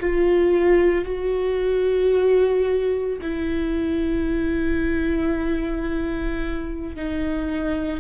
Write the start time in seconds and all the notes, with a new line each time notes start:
0.00 F4
1.05 F#4
3.22 E4
6.96 D#4